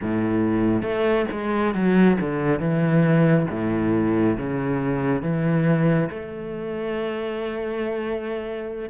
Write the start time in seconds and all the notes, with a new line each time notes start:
0.01 A2
0.82 A3
1.31 G#3
1.74 F#3
2.20 D3
2.59 E3
3.50 A2
4.37 C#3
5.22 E3
6.09 A3